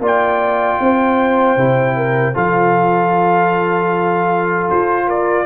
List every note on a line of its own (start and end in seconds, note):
0.00 0.78 A#3
0.00 1.57 F4
0.00 0.80 D5
0.06 2.37 G5
0.80 1.57 C4
0.80 1.96 C5
1.57 2.35 C3
1.57 2.34 E4
1.96 2.34 A#4
2.34 4.70 F3
2.34 5.46 F4
2.34 5.06 A4
2.34 4.70 F5
4.70 5.46 F4
4.70 5.09 C5
5.07 5.46 A#4
5.07 5.46 D5